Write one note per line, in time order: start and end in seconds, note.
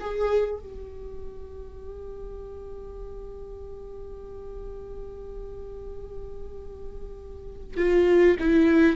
0.00 0.59 G#4
0.59 7.77 G4
7.77 8.37 F4
8.39 8.96 E4